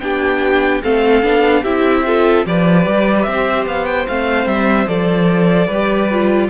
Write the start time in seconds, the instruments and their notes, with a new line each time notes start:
0.00 cello B3, viola D4, violin G4 G5
0.83 cello A3, viola C4, violin A4 F5
1.22 cello B3, viola D4
1.63 cello C4, viola E4, violin G4 E5
2.06 viola F4, violin A4
2.45 cello F3, viola G4, violin B4 D5
2.86 cello G3
3.22 cello C4, violin E5
3.30 violin C5
3.66 cello B3, violin F5
3.85 violin G5
4.08 cello A3, viola C4, violin F5
4.46 cello G3, violin E5
4.87 cello F3, viola A4, violin D5
5.67 cello G3, violin B4
5.73 viola G4
6.10 viola F4